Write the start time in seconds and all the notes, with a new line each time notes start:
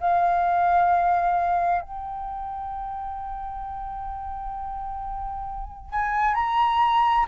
0.00 F5
1.81 G5
5.90 G#5
6.34 A#5